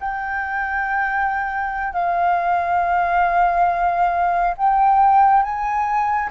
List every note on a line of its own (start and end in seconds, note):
0.00 1.93 G5
1.93 4.54 F5
4.57 5.43 G5
5.43 6.30 G#5